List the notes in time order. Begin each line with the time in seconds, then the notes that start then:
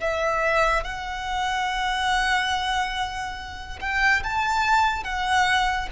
0.00 E5
0.83 F#5
3.81 G5
4.23 A5
5.04 F#5